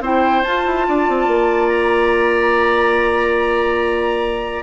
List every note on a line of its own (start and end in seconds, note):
0.00 0.42 C4
0.00 0.45 E4
0.00 0.86 C5
0.00 0.43 G5
0.43 4.62 F4
0.43 0.66 F4
0.43 1.69 A5
0.66 0.87 E4
0.88 1.08 D4
0.88 4.62 D5
1.08 1.27 C4
1.27 4.62 A#3
1.69 4.62 A#5